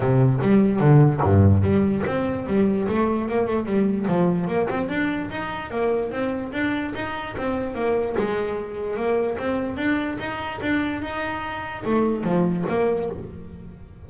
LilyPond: \new Staff \with { instrumentName = "double bass" } { \time 4/4 \tempo 4 = 147 c4 g4 d4 g,4 | g4 c'4 g4 a4 | ais8 a8 g4 f4 ais8 c'8 | d'4 dis'4 ais4 c'4 |
d'4 dis'4 c'4 ais4 | gis2 ais4 c'4 | d'4 dis'4 d'4 dis'4~ | dis'4 a4 f4 ais4 | }